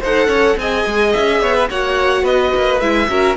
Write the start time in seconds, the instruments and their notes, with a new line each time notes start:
0.00 cello D#4, viola A4, violin C5 F#5
0.27 cello C#4, violin C#5
0.57 cello C4, viola G#4, violin D#5 G#5
0.86 cello G#3
1.13 cello C#4, violin E5
1.42 cello B3, violin C#5
1.55 violin B4
1.70 cello A#3, viola F#4, violin C#5 F#5
2.23 cello B3, violin B4 D#5
2.55 cello A#3
2.80 cello G#3, viola E4, violin E5
3.08 cello C#4, viola F#4, violin A#4